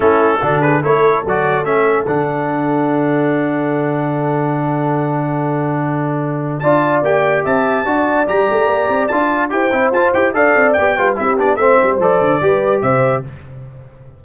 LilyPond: <<
  \new Staff \with { instrumentName = "trumpet" } { \time 4/4 \tempo 4 = 145 a'4. b'8 cis''4 d''4 | e''4 fis''2.~ | fis''1~ | fis''1 |
a''4 g''4 a''2 | ais''2 a''4 g''4 | a''8 g''8 f''4 g''4 e''8 d''8 | e''4 d''2 e''4 | }
  \new Staff \with { instrumentName = "horn" } { \time 4/4 e'4 fis'8 gis'8 a'2~ | a'1~ | a'1~ | a'1 |
d''2 e''4 d''4~ | d''2. c''4~ | c''4 d''4. b'8 g'4 | c''2 b'4 c''4 | }
  \new Staff \with { instrumentName = "trombone" } { \time 4/4 cis'4 d'4 e'4 fis'4 | cis'4 d'2.~ | d'1~ | d'1 |
f'4 g'2 fis'4 | g'2 f'4 g'8 e'8 | f'8 g'8 a'4 g'8 f'8 e'8 d'8 | c'4 a'4 g'2 | }
  \new Staff \with { instrumentName = "tuba" } { \time 4/4 a4 d4 a4 fis4 | a4 d2.~ | d1~ | d1 |
d'4 ais4 c'4 d'4 | g8 a8 ais8 c'8 d'4 e'8 c'8 | f'8 e'8 d'8 c'8 b8 g8 c'8 b8 | a8 g8 f8 d8 g4 c4 | }
>>